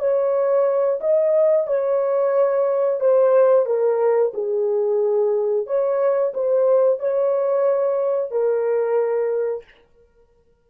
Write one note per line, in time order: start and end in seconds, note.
0.00 1.00 C#5
1.01 1.68 D#5
1.68 3.01 C#5
3.01 3.66 C5
3.66 4.33 A#4
4.34 5.67 G#4
5.67 6.34 C#5
6.35 7.00 C5
7.00 8.32 C#5
8.32 9.65 A#4